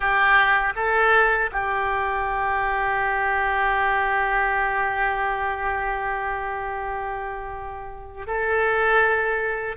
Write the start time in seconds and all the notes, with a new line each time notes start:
0.00 G4
0.75 A4
1.51 G4
8.26 A4